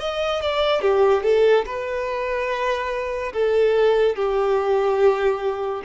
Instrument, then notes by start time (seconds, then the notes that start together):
violin
0.00 D#5
0.41 D5
0.81 G4
1.23 A4
1.66 B4
3.33 A4
4.16 G4